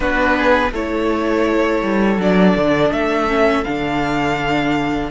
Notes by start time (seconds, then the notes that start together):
0.00 B3 D4 F#4 B4
0.37 G#4
0.72 A3 E4 A4 C#5
1.82 G3
2.17 F#3 D4 D5
2.56 D3
2.90 A3 E5
3.27 C#4
3.63 D3 D4 F5